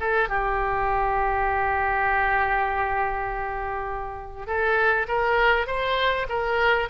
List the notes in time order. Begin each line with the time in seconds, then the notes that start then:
0.00 A4
0.29 G4
4.47 A4
5.08 A#4
5.67 C5
6.29 A#4